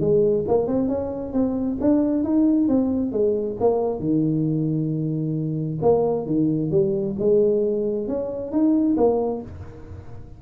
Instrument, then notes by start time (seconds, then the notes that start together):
tuba
0.00 G#3
0.48 A#3
0.67 C4
0.88 C#4
1.33 C4
1.81 D4
2.24 D#4
2.68 C4
3.12 G#3
3.60 A#3
4.00 D#3
5.82 A#3
6.26 D#3
6.71 G3
7.19 G#3
8.08 C#4
8.52 D#4
8.97 A#3